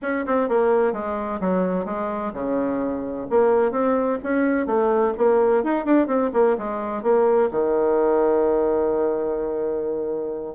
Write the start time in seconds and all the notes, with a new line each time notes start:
0.01 C#4
0.26 C4
0.48 A#3
0.93 G#3
1.40 F#3
1.85 G#3
2.33 C#3
3.30 A#3
3.71 C4
4.23 C#4
4.66 A3
5.17 A#3
5.63 D#4
5.85 D4
6.07 C4
6.33 A#3
6.58 G#3
7.02 A#3
7.51 D#3